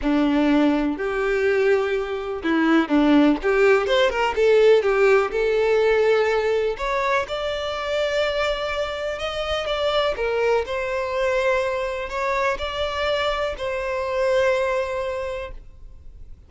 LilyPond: \new Staff \with { instrumentName = "violin" } { \time 4/4 \tempo 4 = 124 d'2 g'2~ | g'4 e'4 d'4 g'4 | c''8 ais'8 a'4 g'4 a'4~ | a'2 cis''4 d''4~ |
d''2. dis''4 | d''4 ais'4 c''2~ | c''4 cis''4 d''2 | c''1 | }